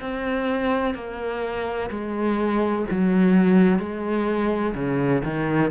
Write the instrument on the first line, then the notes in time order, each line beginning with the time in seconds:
cello
0.00 C4
0.94 A#3
1.90 G#3
2.90 F#3
3.79 G#3
4.74 C#3
5.24 D#3